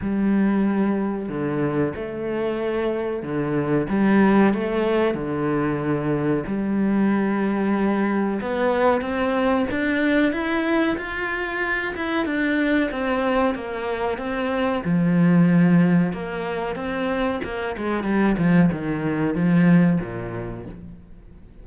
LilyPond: \new Staff \with { instrumentName = "cello" } { \time 4/4 \tempo 4 = 93 g2 d4 a4~ | a4 d4 g4 a4 | d2 g2~ | g4 b4 c'4 d'4 |
e'4 f'4. e'8 d'4 | c'4 ais4 c'4 f4~ | f4 ais4 c'4 ais8 gis8 | g8 f8 dis4 f4 ais,4 | }